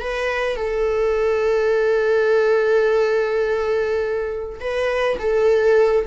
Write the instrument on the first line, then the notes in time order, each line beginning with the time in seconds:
viola
0.00 B4
0.56 A4
4.60 B4
5.19 A4